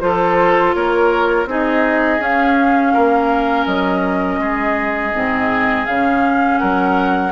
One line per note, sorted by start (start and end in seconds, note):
0.00 0.74 F3
0.00 1.47 F4
0.00 0.75 A4
0.00 0.73 C5
0.74 1.45 A#3
0.74 1.48 A#4
0.74 1.47 C#5
1.45 2.18 C4
1.45 2.19 D#4
1.45 2.93 G#4
1.45 2.22 D#5
2.19 2.92 C#4
2.19 5.12 C#4
2.19 3.66 F5
2.93 3.66 A#3
2.93 4.39 A#4
3.66 4.38 F#3
3.66 5.85 D#5
4.38 5.11 G#3
4.38 6.59 G#4
5.14 5.87 G#2
5.14 5.87 C4
5.85 6.60 C#3
5.85 7.31 C#4
5.85 6.58 F5
6.58 7.31 F#3
6.58 7.31 A#4
6.58 7.31 F#5